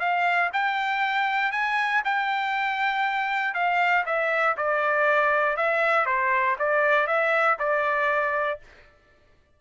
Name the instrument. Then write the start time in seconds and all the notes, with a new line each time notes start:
trumpet
0.00 F5
0.53 G5
1.52 G#5
2.05 G5
3.54 F5
4.06 E5
4.57 D5
5.57 E5
6.06 C5
6.59 D5
7.07 E5
7.59 D5